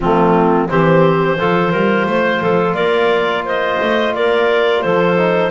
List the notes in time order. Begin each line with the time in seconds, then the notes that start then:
0.00 F3 A3 C4 F4
0.68 E3 C4 G4 C5
1.38 F3 F4 A4
1.72 G3 A#4
2.06 A3 C5
2.41 F3 A4
2.74 A#3 A#4 D5
3.44 C5 D#5
3.81 A3
4.14 A#3 A#4 D5
4.82 F3 A4 C5
5.17 D#4